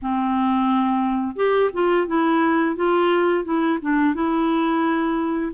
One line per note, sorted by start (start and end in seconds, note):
0.02 1.35 C4
1.35 1.70 G4
1.73 2.07 F4
2.07 2.76 E4
2.76 3.44 F4
3.44 3.78 E4
3.81 4.14 D4
4.14 5.52 E4